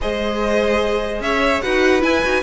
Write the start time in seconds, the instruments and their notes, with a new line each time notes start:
0.01 cello G#3, viola G#4, violin C5 D#5
1.20 cello C#4, violin C#5 E5
1.61 cello D#4, viola F#4, violin B4 F#5
2.01 viola E4, cello E4, violin G#5
2.22 cello D#4, viola F#4